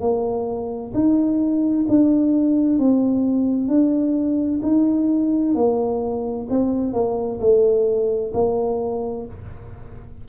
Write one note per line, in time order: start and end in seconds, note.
0.00 0.92 A#3
0.94 1.86 D#4
1.88 2.79 D4
2.79 3.68 C4
3.68 4.60 D4
4.62 5.55 D#4
5.55 6.47 A#3
6.50 6.93 C4
6.93 7.39 A#3
7.39 8.32 A3
8.33 9.26 A#3